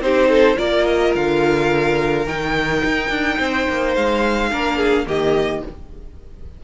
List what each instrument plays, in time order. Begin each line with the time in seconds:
0.00 cello C4, viola D#4, violin G4 C5
0.29 violin A4
0.55 cello A#3, viola F4, violin A#4 D5
0.86 violin D#5
1.14 cello D3, violin F5
2.26 cello D#3, viola D#4, violin G5
2.84 cello D#4
3.09 cello D4
3.38 cello C4, violin C5
3.69 cello A#3
3.95 cello G#3, violin F5
4.51 cello A#3, viola D4, violin A#4
4.77 violin G#4
5.06 cello D#3, viola A#3, violin G4 D#5